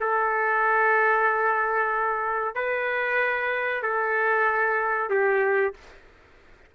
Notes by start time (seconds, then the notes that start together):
0.00 A4
2.55 B4
3.82 A4
5.10 G4